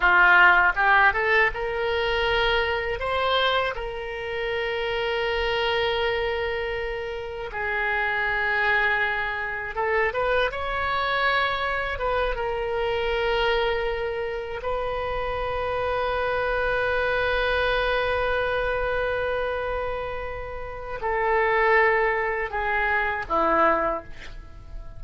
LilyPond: \new Staff \with { instrumentName = "oboe" } { \time 4/4 \tempo 4 = 80 f'4 g'8 a'8 ais'2 | c''4 ais'2.~ | ais'2 gis'2~ | gis'4 a'8 b'8 cis''2 |
b'8 ais'2. b'8~ | b'1~ | b'1 | a'2 gis'4 e'4 | }